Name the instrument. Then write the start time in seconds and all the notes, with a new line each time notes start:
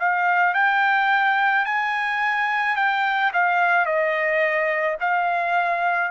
trumpet
0.00 F5
0.54 G5
1.65 G#5
2.76 G5
3.33 F5
3.86 D#5
5.01 F5